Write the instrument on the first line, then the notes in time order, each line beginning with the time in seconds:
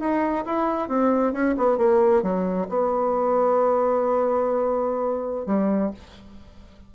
bassoon
0.00 D#4
0.45 E4
0.89 C4
1.33 C#4
1.57 B3
1.78 A#3
2.23 F#3
2.69 B3
5.46 G3